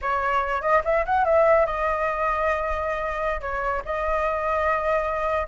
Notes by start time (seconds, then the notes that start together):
0.01 C#5
0.61 D#5
0.84 E5
1.05 F#5
1.24 E5
1.66 D#5
3.40 C#5
3.85 D#5